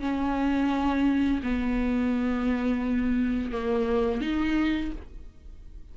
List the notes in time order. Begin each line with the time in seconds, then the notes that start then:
0.00 C#4
1.43 B3
3.52 A#3
4.21 D#4